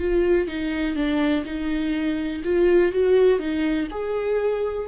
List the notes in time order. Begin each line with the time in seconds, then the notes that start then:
0.00 F4
0.48 D#4
0.96 D4
1.46 D#4
2.44 F4
2.93 F#4
3.39 D#4
3.91 G#4